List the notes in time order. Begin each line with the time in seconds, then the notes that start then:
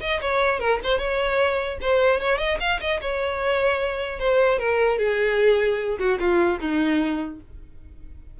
0.00 D#5
0.21 C#5
0.59 A#4
0.83 C5
0.98 C#5
1.81 C5
2.20 C#5
2.38 D#5
2.60 F5
2.80 D#5
3.01 C#5
4.19 C5
4.59 A#4
4.98 G#4
5.98 F#4
6.19 F4
6.60 D#4